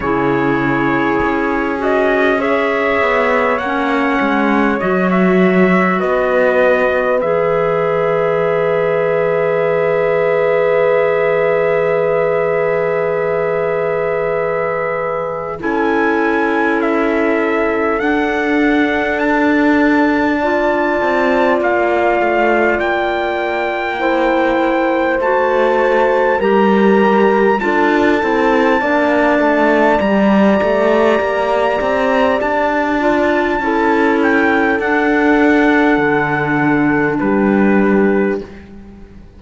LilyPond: <<
  \new Staff \with { instrumentName = "trumpet" } { \time 4/4 \tempo 4 = 50 cis''4. dis''8 e''4 fis''4 | dis''16 e''8. dis''4 e''2~ | e''1~ | e''4 gis''4 e''4 fis''4 |
a''2 f''4 g''4~ | g''4 a''4 ais''4 a''4~ | a''4 ais''2 a''4~ | a''8 g''8 fis''2 b'4 | }
  \new Staff \with { instrumentName = "horn" } { \time 4/4 gis'2 cis''2~ | cis''4 b'2.~ | b'1~ | b'4 a'2.~ |
a'4 d''2. | c''2 ais'4 a'4 | d''1 | a'2. g'4 | }
  \new Staff \with { instrumentName = "clarinet" } { \time 4/4 e'4. fis'8 gis'4 cis'4 | fis'2 gis'2~ | gis'1~ | gis'4 e'2 d'4~ |
d'4 f'2. | e'4 fis'4 g'4 f'8 e'8 | d'4 g'2~ g'8 f'8 | e'4 d'2. | }
  \new Staff \with { instrumentName = "cello" } { \time 4/4 cis4 cis'4. b8 ais8 gis8 | fis4 b4 e2~ | e1~ | e4 cis'2 d'4~ |
d'4. c'8 ais8 a8 ais4~ | ais4 a4 g4 d'8 c'8 | ais8 a8 g8 a8 ais8 c'8 d'4 | cis'4 d'4 d4 g4 | }
>>